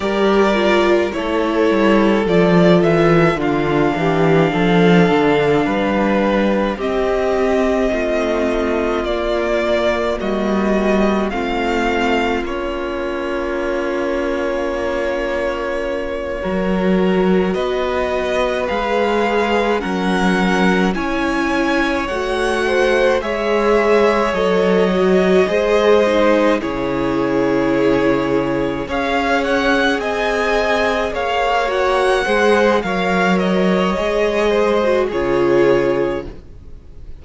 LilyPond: <<
  \new Staff \with { instrumentName = "violin" } { \time 4/4 \tempo 4 = 53 d''4 cis''4 d''8 e''8 f''4~ | f''2 dis''2 | d''4 dis''4 f''4 cis''4~ | cis''2.~ cis''8 dis''8~ |
dis''8 f''4 fis''4 gis''4 fis''8~ | fis''8 e''4 dis''2 cis''8~ | cis''4. f''8 fis''8 gis''4 f''8 | fis''4 f''8 dis''4. cis''4 | }
  \new Staff \with { instrumentName = "violin" } { \time 4/4 ais'4 a'2 f'8 g'8 | a'4 b'4 g'4 f'4~ | f'4 fis'4 f'2~ | f'2~ f'8 ais'4 b'8~ |
b'4. ais'4 cis''4. | c''8 cis''2 c''4 gis'8~ | gis'4. cis''4 dis''4 cis''8~ | cis''8 c''8 cis''4. c''8 gis'4 | }
  \new Staff \with { instrumentName = "viola" } { \time 4/4 g'8 f'8 e'4 f'4 d'4~ | d'2 c'2 | ais2 c'4 cis'4~ | cis'2~ cis'8 fis'4.~ |
fis'8 gis'4 cis'4 e'4 fis'8~ | fis'8 gis'4 a'8 fis'8 gis'8 dis'8 e'8~ | e'4. gis'2~ gis'8 | fis'8 gis'8 ais'4 gis'8. fis'16 f'4 | }
  \new Staff \with { instrumentName = "cello" } { \time 4/4 g4 a8 g8 f8 e8 d8 e8 | f8 d8 g4 c'4 a4 | ais4 g4 a4 ais4~ | ais2~ ais8 fis4 b8~ |
b8 gis4 fis4 cis'4 a8~ | a8 gis4 fis4 gis4 cis8~ | cis4. cis'4 c'4 ais8~ | ais8 gis8 fis4 gis4 cis4 | }
>>